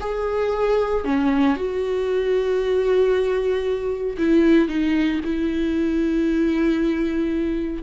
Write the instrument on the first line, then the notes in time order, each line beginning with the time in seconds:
viola
0.00 G#4
1.04 C#4
1.56 F#4
4.18 E4
4.68 D#4
5.24 E4